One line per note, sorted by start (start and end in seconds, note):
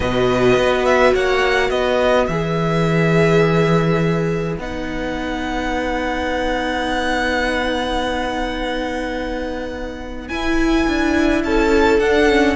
0.00 0.56 B2
0.00 2.30 F#4
0.00 1.13 B4
0.00 0.85 D#5
0.56 1.14 B3
0.85 1.13 E5
1.13 1.70 A#3
1.13 1.69 C#5
1.13 1.70 F#5
1.69 2.27 B3
1.69 11.40 B4
1.69 2.27 D#5
2.27 4.57 E3
2.27 4.58 G#4
2.27 4.55 E5
4.57 10.29 B3
4.57 10.29 D#4
4.57 10.28 F#5
10.28 10.86 E4
10.28 12.00 E4
10.28 11.42 G#5
10.87 11.44 D4
11.44 11.99 C#4
11.44 12.56 A4
11.44 11.99 A5
11.99 12.56 D4
11.99 12.29 D4
11.99 12.56 F#5
12.29 12.56 C#4